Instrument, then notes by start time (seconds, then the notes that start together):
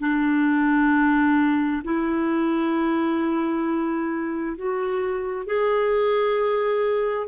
clarinet
0.00 D4
1.84 E4
4.57 F#4
5.46 G#4